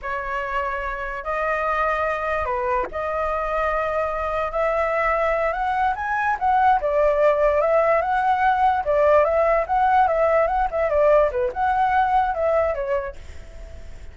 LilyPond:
\new Staff \with { instrumentName = "flute" } { \time 4/4 \tempo 4 = 146 cis''2. dis''4~ | dis''2 b'4 dis''4~ | dis''2. e''4~ | e''4. fis''4 gis''4 fis''8~ |
fis''8 d''2 e''4 fis''8~ | fis''4. d''4 e''4 fis''8~ | fis''8 e''4 fis''8 e''8 d''4 b'8 | fis''2 e''4 cis''4 | }